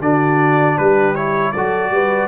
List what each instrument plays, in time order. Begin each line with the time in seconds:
0.00 tuba D3, trombone D4, horn F#4, trumpet D5
0.77 tuba G3, horn G4, trumpet B4
1.15 trombone E4, trumpet C#5
1.52 tuba F#3, trombone F#4, horn A4, trumpet D5
1.91 tuba G3, horn B4